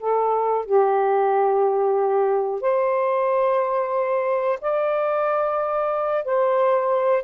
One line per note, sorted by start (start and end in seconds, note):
0.00 0.66 A4
0.66 2.61 G4
2.61 4.59 C5
4.61 6.25 D5
6.25 7.24 C5